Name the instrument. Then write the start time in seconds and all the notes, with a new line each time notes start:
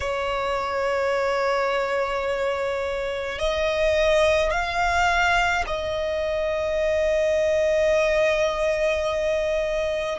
violin
0.00 C#5
3.39 D#5
4.51 F5
5.66 D#5